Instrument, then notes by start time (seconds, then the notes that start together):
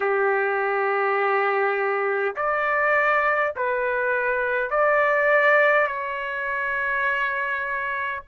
trumpet
0.00 G4
2.36 D5
3.56 B4
4.70 D5
5.87 C#5